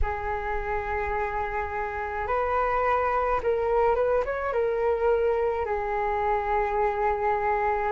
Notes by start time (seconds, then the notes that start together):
0.02 G#4
2.26 B4
3.43 A#4
3.95 B4
4.25 C#5
4.53 A#4
5.65 G#4